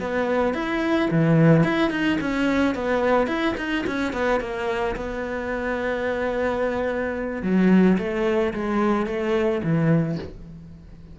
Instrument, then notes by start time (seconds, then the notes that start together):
cello
0.00 B3
0.54 E4
1.11 E3
1.63 E4
1.90 D#4
2.21 C#4
2.75 B3
3.27 E4
3.57 D#4
3.87 C#4
4.13 B3
4.40 A#3
4.96 B3
7.43 F#3
7.98 A3
8.54 G#3
9.06 A3
9.63 E3